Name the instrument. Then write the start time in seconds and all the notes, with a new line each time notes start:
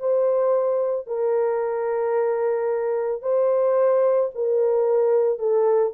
horn
0.00 C5
1.07 A#4
3.22 C5
4.35 A#4
5.39 A4